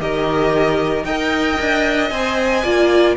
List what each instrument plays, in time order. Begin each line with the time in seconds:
0.00 cello D#3, viola G4, violin A#4 D#5
1.04 cello D#4, viola A#4, violin D#5 G5
1.60 cello D4
2.10 cello C4, viola C5, violin G#5
2.64 cello A#3, viola F4, violin D5